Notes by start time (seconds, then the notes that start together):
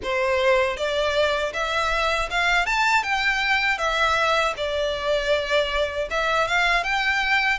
0.03 C5
0.76 D5
1.53 E5
2.30 F5
2.65 A5
3.03 G5
3.78 E5
4.56 D5
6.10 E5
6.47 F5
6.83 G5